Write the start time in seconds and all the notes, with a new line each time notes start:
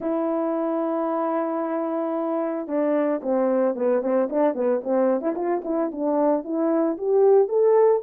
0.00 E4
2.67 D4
3.22 C4
3.75 B3
4.02 C4
4.29 D4
4.54 B3
4.83 C4
5.21 E4
5.35 F4
5.64 E4
5.91 D4
6.43 E4
6.97 G4
7.48 A4